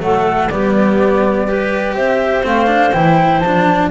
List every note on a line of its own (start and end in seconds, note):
0.00 0.49 F#3
0.00 0.49 A3
0.00 0.52 A4
0.00 0.49 F#5
0.49 1.95 G3
0.49 1.48 B3
0.49 1.47 G4
0.49 1.95 D5
1.47 2.43 G4
1.47 1.95 B4
1.95 2.43 C4
1.95 3.90 C5
1.95 2.44 E5
2.43 2.93 A3
2.43 2.66 C4
2.43 2.92 F5
2.66 2.91 D4
2.92 3.41 E3
2.92 3.43 E4
2.92 3.40 G5
3.40 3.90 F3
3.40 3.91 D4
3.40 3.89 A5